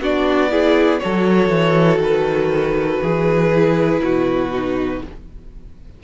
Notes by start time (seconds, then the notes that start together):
0.00 B3 D4 F#4 D5
0.50 E4 G#4
0.99 F#3 F#4 A4 C#5
1.49 E3
1.99 D#3 B4
3.01 E3 G#4
3.56 E4
4.01 B2 F#4
4.52 D#4